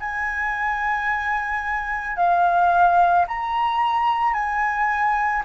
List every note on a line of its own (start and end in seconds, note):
0.00 2.17 G#5
2.17 3.26 F5
3.28 4.33 A#5
4.33 5.42 G#5